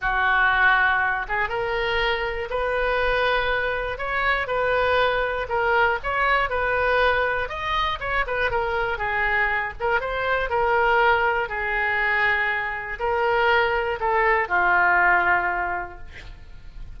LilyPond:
\new Staff \with { instrumentName = "oboe" } { \time 4/4 \tempo 4 = 120 fis'2~ fis'8 gis'8 ais'4~ | ais'4 b'2. | cis''4 b'2 ais'4 | cis''4 b'2 dis''4 |
cis''8 b'8 ais'4 gis'4. ais'8 | c''4 ais'2 gis'4~ | gis'2 ais'2 | a'4 f'2. | }